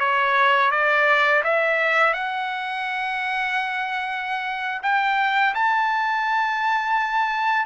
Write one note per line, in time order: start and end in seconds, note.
0.00 0.71 C#5
0.71 1.42 D5
1.44 2.13 E5
2.13 4.81 F#5
4.82 5.54 G5
5.55 7.66 A5